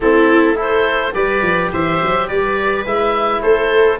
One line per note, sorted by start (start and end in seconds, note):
0.00 1.13 A3
0.00 0.55 C4
0.00 0.56 E4
0.00 0.58 A4
0.55 1.12 E4
0.55 1.13 A4
0.55 1.13 C5
1.13 1.42 G3
1.13 2.85 G4
1.13 1.71 B4
1.13 1.71 D5
1.42 1.70 F3
1.72 2.01 E3
1.72 2.27 C5
1.72 2.27 E5
2.02 2.29 F#3
2.27 2.85 G3
2.27 3.41 B4
2.27 2.85 D5
2.85 3.42 G#3
2.85 3.99 E4
2.85 3.42 E5
3.42 3.99 A3
3.42 3.99 A4
3.42 3.99 C5